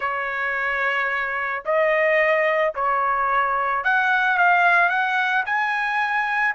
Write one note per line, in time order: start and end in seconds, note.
0.00 1.63 C#5
1.65 2.74 D#5
2.74 3.83 C#5
3.84 4.37 F#5
4.37 4.89 F5
4.89 5.43 F#5
5.45 6.55 G#5